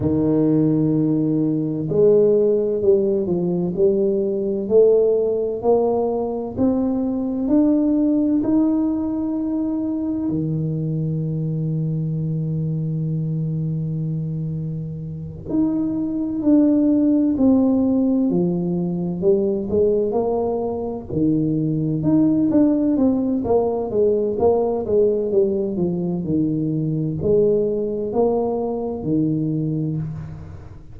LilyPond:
\new Staff \with { instrumentName = "tuba" } { \time 4/4 \tempo 4 = 64 dis2 gis4 g8 f8 | g4 a4 ais4 c'4 | d'4 dis'2 dis4~ | dis1~ |
dis8 dis'4 d'4 c'4 f8~ | f8 g8 gis8 ais4 dis4 dis'8 | d'8 c'8 ais8 gis8 ais8 gis8 g8 f8 | dis4 gis4 ais4 dis4 | }